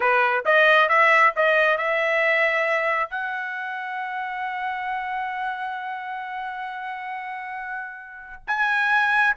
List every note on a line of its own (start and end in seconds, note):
0.00 0.44 B4
0.45 0.88 D#5
0.88 1.33 E5
1.36 1.77 D#5
1.77 3.09 E5
3.09 8.43 F#5
8.47 9.36 G#5